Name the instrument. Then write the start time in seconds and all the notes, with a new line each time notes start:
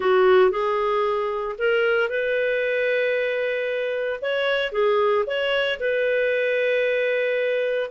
clarinet
0.00 F#4
0.50 G#4
1.58 A#4
2.09 B4
4.21 C#5
4.72 G#4
5.26 C#5
5.79 B4